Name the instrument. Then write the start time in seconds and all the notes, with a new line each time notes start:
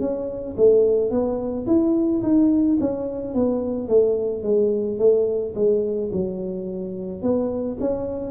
tuba
0.00 C#4
0.57 A3
1.11 B3
1.67 E4
2.23 D#4
2.80 C#4
3.34 B3
3.88 A3
4.43 G#3
4.98 A3
5.55 G#3
6.12 F#3
7.22 B3
7.80 C#4